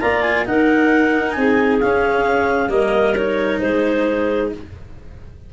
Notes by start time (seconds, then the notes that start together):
0.00 A#3 F4 D5 A#5
0.21 G#5
0.45 D#4 A#4 F#5
1.31 C4 G#5
1.38 G#4
1.80 C#4 F5
2.68 G3 A#3 A#4 D#5
3.15 D#4 C#5
3.59 G#3 G#4 C5